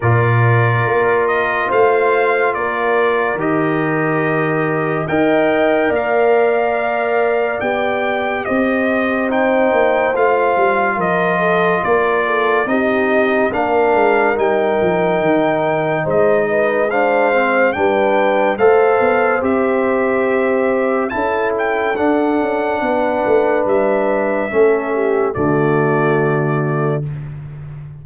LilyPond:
<<
  \new Staff \with { instrumentName = "trumpet" } { \time 4/4 \tempo 4 = 71 d''4. dis''8 f''4 d''4 | dis''2 g''4 f''4~ | f''4 g''4 dis''4 g''4 | f''4 dis''4 d''4 dis''4 |
f''4 g''2 dis''4 | f''4 g''4 f''4 e''4~ | e''4 a''8 g''8 fis''2 | e''2 d''2 | }
  \new Staff \with { instrumentName = "horn" } { \time 4/4 ais'2 c''4 ais'4~ | ais'2 dis''4 d''4~ | d''2 c''2~ | c''4 ais'8 a'8 ais'8 a'8 g'4 |
ais'2. c''8 b'8 | c''4 b'4 c''2~ | c''4 a'2 b'4~ | b'4 a'8 g'8 fis'2 | }
  \new Staff \with { instrumentName = "trombone" } { \time 4/4 f'1 | g'2 ais'2~ | ais'4 g'2 dis'4 | f'2. dis'4 |
d'4 dis'2. | d'8 c'8 d'4 a'4 g'4~ | g'4 e'4 d'2~ | d'4 cis'4 a2 | }
  \new Staff \with { instrumentName = "tuba" } { \time 4/4 ais,4 ais4 a4 ais4 | dis2 dis'4 ais4~ | ais4 b4 c'4. ais8 | a8 g8 f4 ais4 c'4 |
ais8 gis8 g8 f8 dis4 gis4~ | gis4 g4 a8 b8 c'4~ | c'4 cis'4 d'8 cis'8 b8 a8 | g4 a4 d2 | }
>>